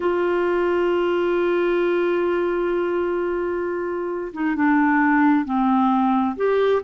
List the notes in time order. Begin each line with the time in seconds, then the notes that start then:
0.00 F4
4.33 D#4
4.55 D4
5.45 C4
6.36 G4